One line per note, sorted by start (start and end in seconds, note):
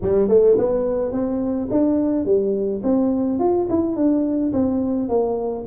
0.02 0.28 G3
0.28 0.56 A3
0.58 1.11 B3
1.11 1.68 C4
1.70 2.25 D4
2.25 2.81 G3
2.83 3.39 C4
3.39 3.67 F4
3.69 3.95 E4
3.95 4.52 D4
4.52 5.08 C4
5.08 5.65 A#3